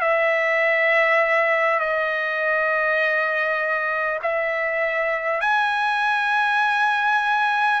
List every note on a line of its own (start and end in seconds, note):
0.00 1.79 E5
1.79 4.19 D#5
4.22 5.40 E5
5.40 7.80 G#5